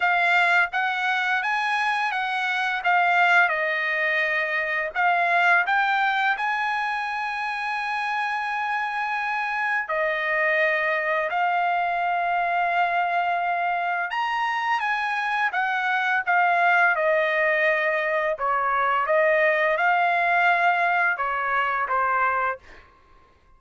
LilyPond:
\new Staff \with { instrumentName = "trumpet" } { \time 4/4 \tempo 4 = 85 f''4 fis''4 gis''4 fis''4 | f''4 dis''2 f''4 | g''4 gis''2.~ | gis''2 dis''2 |
f''1 | ais''4 gis''4 fis''4 f''4 | dis''2 cis''4 dis''4 | f''2 cis''4 c''4 | }